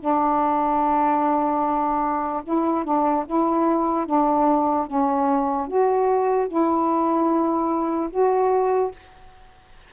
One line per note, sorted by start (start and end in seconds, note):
0.00 2.43 D4
2.44 2.85 E4
2.85 3.25 D4
3.27 4.06 E4
4.06 4.87 D4
4.87 5.68 C#4
5.68 6.48 F#4
6.48 8.10 E4
8.10 8.92 F#4